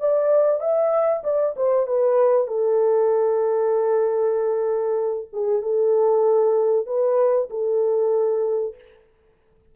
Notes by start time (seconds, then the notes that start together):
0.00 D5
0.60 E5
1.24 D5
1.56 C5
1.86 B4
2.47 A4
5.33 G#4
5.62 A4
6.86 B4
7.50 A4